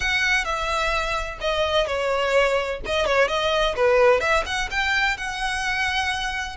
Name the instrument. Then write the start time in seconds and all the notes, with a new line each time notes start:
violin
0.00 F#5
0.45 E5
1.40 D#5
1.86 C#5
2.85 D#5
3.06 C#5
3.28 D#5
3.75 B4
4.20 E5
4.46 F#5
4.70 G5
5.17 F#5